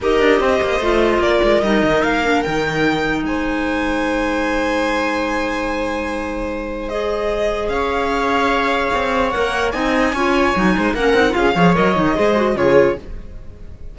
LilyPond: <<
  \new Staff \with { instrumentName = "violin" } { \time 4/4 \tempo 4 = 148 dis''2. d''4 | dis''4 f''4 g''2 | gis''1~ | gis''1~ |
gis''4 dis''2 f''4~ | f''2. fis''4 | gis''2. fis''4 | f''4 dis''2 cis''4 | }
  \new Staff \with { instrumentName = "viola" } { \time 4/4 ais'4 c''2 ais'4~ | ais'1 | c''1~ | c''1~ |
c''2. cis''4~ | cis''1 | dis''4 cis''4. c''8 ais'4 | gis'8 cis''4. c''4 gis'4 | }
  \new Staff \with { instrumentName = "clarinet" } { \time 4/4 g'2 f'2 | dis'4. d'8 dis'2~ | dis'1~ | dis'1~ |
dis'4 gis'2.~ | gis'2. ais'4 | dis'4 f'4 dis'4 cis'8 dis'8 | f'8 gis'8 ais'8 dis'8 gis'8 fis'8 f'4 | }
  \new Staff \with { instrumentName = "cello" } { \time 4/4 dis'8 d'8 c'8 ais8 a4 ais8 gis8 | g8 dis8 ais4 dis2 | gis1~ | gis1~ |
gis2. cis'4~ | cis'2 c'4 ais4 | c'4 cis'4 fis8 gis8 ais8 c'8 | cis'8 f8 fis8 dis8 gis4 cis4 | }
>>